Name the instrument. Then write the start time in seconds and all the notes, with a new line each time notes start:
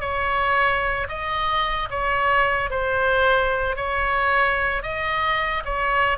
oboe
0.00 C#5
1.08 D#5
1.90 C#5
2.70 C5
3.76 C#5
4.82 D#5
5.65 C#5